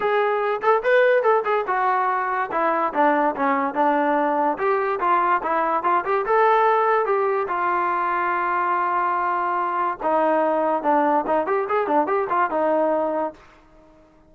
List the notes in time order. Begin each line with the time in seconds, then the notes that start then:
0.00 G#4
0.62 A4
0.83 B4
1.22 A4
1.44 G#4
1.67 F#4
2.51 E4
2.93 D4
3.35 C#4
3.74 D4
4.57 G4
4.99 F4
5.43 E4
5.83 F4
6.04 G4
6.25 A4
7.05 G4
7.48 F4
10.02 D#4
10.83 D4
11.26 D#4
11.46 G4
11.68 G#4
11.87 D4
12.06 G4
12.29 F4
12.50 D#4